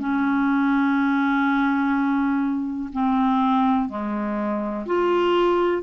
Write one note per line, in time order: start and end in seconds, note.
0.00 2.90 C#4
2.93 3.89 C4
3.89 4.86 G#3
4.87 5.83 F4